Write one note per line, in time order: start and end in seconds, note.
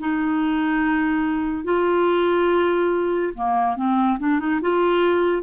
0.00 1.64 D#4
1.64 3.33 F4
3.35 3.76 A#3
3.76 4.19 C4
4.19 4.39 D4
4.39 4.61 D#4
4.62 5.43 F4